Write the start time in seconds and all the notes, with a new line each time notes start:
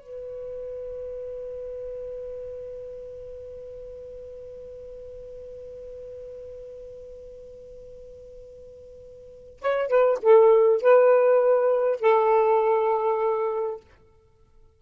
0.00 B4
9.61 C#5
9.88 B4
10.22 A4
10.82 B4
12.00 A4